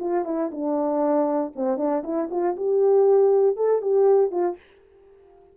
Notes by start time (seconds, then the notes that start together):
0.00 F4
0.25 E4
0.52 D4
1.56 C4
1.78 D4
2.04 E4
2.31 F4
2.57 G4
3.57 A4
3.82 G4
4.32 F4